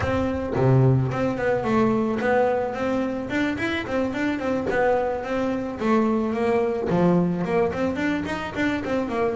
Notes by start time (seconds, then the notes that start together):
0.00 C4
0.55 C3
1.11 C4
1.37 B3
1.64 A3
2.19 B3
2.74 C4
3.29 D4
3.58 E4
3.87 C4
4.13 D4
4.39 C4
4.70 B3
5.23 C4
5.79 A3
6.33 A#3
6.89 F3
7.44 A#3
7.72 C4
7.96 D4
8.25 D#4
8.55 D4
8.84 C4
9.08 A#3